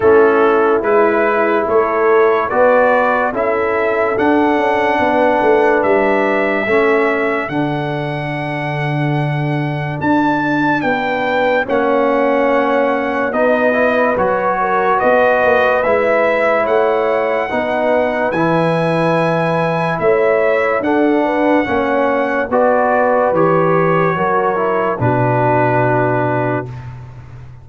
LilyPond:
<<
  \new Staff \with { instrumentName = "trumpet" } { \time 4/4 \tempo 4 = 72 a'4 b'4 cis''4 d''4 | e''4 fis''2 e''4~ | e''4 fis''2. | a''4 g''4 fis''2 |
dis''4 cis''4 dis''4 e''4 | fis''2 gis''2 | e''4 fis''2 d''4 | cis''2 b'2 | }
  \new Staff \with { instrumentName = "horn" } { \time 4/4 e'2 a'4 b'4 | a'2 b'2 | a'1~ | a'4 b'4 cis''2 |
b'4. ais'8 b'2 | cis''4 b'2. | cis''4 a'8 b'8 cis''4 b'4~ | b'4 ais'4 fis'2 | }
  \new Staff \with { instrumentName = "trombone" } { \time 4/4 cis'4 e'2 fis'4 | e'4 d'2. | cis'4 d'2.~ | d'2 cis'2 |
dis'8 e'8 fis'2 e'4~ | e'4 dis'4 e'2~ | e'4 d'4 cis'4 fis'4 | g'4 fis'8 e'8 d'2 | }
  \new Staff \with { instrumentName = "tuba" } { \time 4/4 a4 gis4 a4 b4 | cis'4 d'8 cis'8 b8 a8 g4 | a4 d2. | d'4 b4 ais2 |
b4 fis4 b8 ais8 gis4 | a4 b4 e2 | a4 d'4 ais4 b4 | e4 fis4 b,2 | }
>>